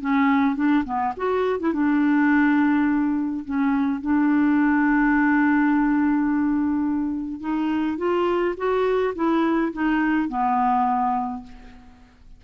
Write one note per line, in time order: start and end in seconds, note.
0.00 0.55 C#4
0.55 0.84 D4
0.84 1.13 B3
1.16 1.59 F#4
1.59 1.73 E4
1.73 3.44 D4
3.44 4.01 C#4
4.01 7.40 D4
7.40 7.97 D#4
7.97 8.54 F4
8.57 9.14 F#4
9.15 9.72 E4
9.72 10.29 D#4
10.29 11.43 B3